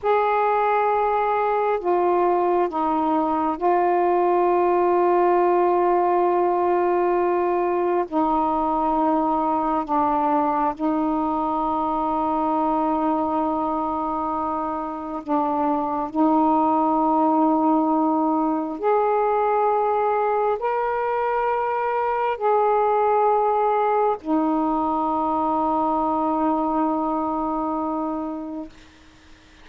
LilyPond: \new Staff \with { instrumentName = "saxophone" } { \time 4/4 \tempo 4 = 67 gis'2 f'4 dis'4 | f'1~ | f'4 dis'2 d'4 | dis'1~ |
dis'4 d'4 dis'2~ | dis'4 gis'2 ais'4~ | ais'4 gis'2 dis'4~ | dis'1 | }